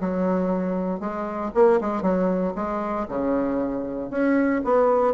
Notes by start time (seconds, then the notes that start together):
0.00 F#3
1.00 G#3
1.54 A#3
1.80 G#3
2.02 F#3
2.55 G#3
3.08 C#3
4.10 C#4
4.64 B3